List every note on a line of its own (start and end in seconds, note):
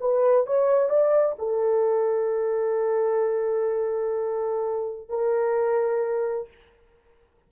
0.00 0.46 B4
0.46 0.89 C#5
0.89 1.36 D5
1.39 5.09 A4
5.09 6.48 A#4